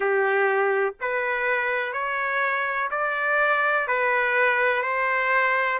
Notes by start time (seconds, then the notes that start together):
0.00 G4
1.00 B4
1.93 C#5
2.90 D5
3.87 B4
4.82 C5